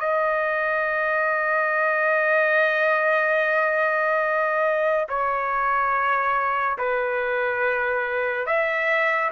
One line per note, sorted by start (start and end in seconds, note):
0.00 5.07 D#5
5.09 6.78 C#5
6.78 8.47 B4
8.47 9.31 E5